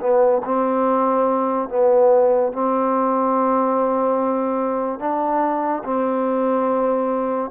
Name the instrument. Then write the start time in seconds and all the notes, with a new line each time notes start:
trombone
0.00 B3
0.45 C4
1.69 B3
2.53 C4
4.99 D4
5.84 C4